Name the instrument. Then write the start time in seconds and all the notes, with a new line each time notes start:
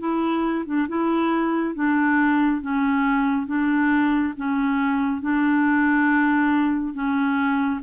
clarinet
0.00 E4
0.66 D4
0.89 E4
1.75 D4
2.62 C#4
3.47 D4
4.37 C#4
5.22 D4
6.94 C#4